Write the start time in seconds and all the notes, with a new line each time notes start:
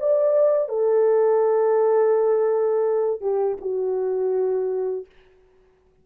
0.00 D5
0.69 A4
3.21 G4
3.61 F#4